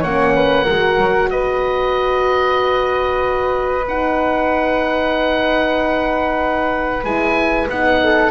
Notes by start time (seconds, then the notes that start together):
0.00 A#3 C#4 C#5 F#5
0.36 B4
0.65 G#3 F#4 A#4
0.98 F#3
1.30 B3 B4 D#5
3.88 D#4 F#5
7.04 G#3 E4 G#5
7.69 B3 D#4 F#5
8.04 A4